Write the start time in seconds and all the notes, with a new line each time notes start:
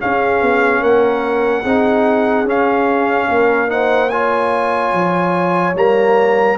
0.00 C#4 G#4 F5
0.42 B3
0.81 A#3 A#4 F#5
1.62 C4 D#4 G#4
2.44 C#4 F5
3.28 A#3 A#4
3.68 D#4 C5 F#5
4.10 F4 C#5 G#5
4.93 F3
5.74 G3 A#3 A#5